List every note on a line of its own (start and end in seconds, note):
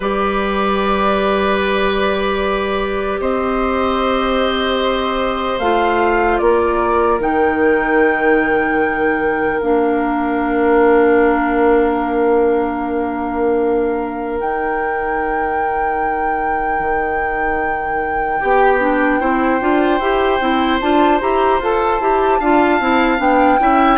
0.00 3.19 G3
0.00 5.61 G4
0.00 3.20 B4
0.00 3.21 D5
3.19 5.59 C4
3.19 6.40 C5
3.19 5.59 D#5
5.59 6.39 A3
5.59 7.20 F4
5.59 6.38 F5
6.38 7.19 A#3
6.38 18.39 A#4
6.38 7.18 D5
7.19 9.59 D#3
7.19 9.60 D#4
7.19 9.59 G5
9.59 14.40 A#3
9.59 14.41 D4
9.59 14.39 F5
14.40 16.79 D#4
14.40 18.40 D#4
14.40 20.80 G5
16.79 18.39 D#3
18.39 19.21 B3
18.39 19.19 G4
18.39 18.80 G4
18.80 19.20 D4
19.20 19.61 C4
19.20 19.60 E4
19.20 22.39 C5
19.60 19.99 D4
19.60 20.00 F4
19.99 20.39 E4
19.99 20.40 G4
20.40 20.80 C4
20.40 20.80 E4
20.80 21.21 D4
20.80 21.20 F4
20.80 21.20 A5
21.20 21.59 E4
21.20 21.60 G4
21.20 21.61 A#5
21.59 21.99 F4
21.59 22.01 A4
21.59 23.20 A5
21.99 22.39 E4
21.99 22.41 G4
22.39 22.80 D4
22.39 22.80 F4
22.39 23.59 F5
22.80 23.19 C4
22.80 23.17 E4
23.17 23.59 B3
23.17 23.57 D4
23.17 23.98 G5
23.59 23.98 C#4
23.59 23.98 E4
23.59 23.98 E5